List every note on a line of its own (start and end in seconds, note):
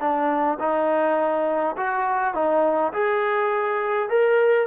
0.00 0.58 D4
0.60 1.76 D#4
1.77 2.34 F#4
2.34 2.93 D#4
2.93 4.10 G#4
4.10 4.67 A#4